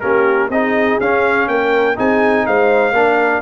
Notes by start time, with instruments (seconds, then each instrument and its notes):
0.00 tuba A#3, trombone C#4, horn G4, trumpet A#4
0.49 tuba C4, trombone D#4, horn G#4, trumpet D#5
1.00 tuba C#4, trombone C#4, trumpet F5
1.48 tuba A#3, horn A#4, trumpet G5
1.96 tuba C4, trombone D#4, horn G#4, trumpet G#5
2.46 tuba G#3, horn C5, trumpet F5
2.92 tuba A#3, trombone D4, horn A#4